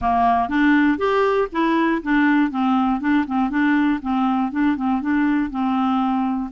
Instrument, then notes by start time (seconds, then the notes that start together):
clarinet
0.01 A#3
0.48 D4
0.97 G4
1.52 E4
2.02 D4
2.50 C4
3.00 D4
3.26 C4
3.50 D4
4.01 C4
4.51 D4
4.76 C4
5.01 D4
5.50 C4